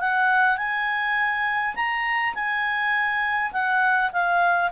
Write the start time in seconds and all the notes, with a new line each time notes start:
0.00 F#5
0.57 G#5
1.75 A#5
2.34 G#5
3.52 F#5
4.12 F5